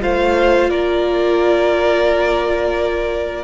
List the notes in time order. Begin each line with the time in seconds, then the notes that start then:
0.00 A3 F4 C5 F5
0.70 A#3 A#4 D5